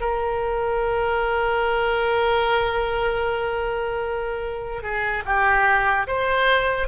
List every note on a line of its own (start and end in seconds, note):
0.00 4.82 A#4
4.82 5.23 G#4
5.25 6.06 G4
6.07 6.87 C5